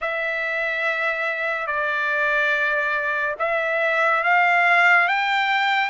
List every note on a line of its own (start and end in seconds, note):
0.01 1.66 E5
1.66 3.35 D5
3.38 4.23 E5
4.23 5.07 F5
5.07 5.89 G5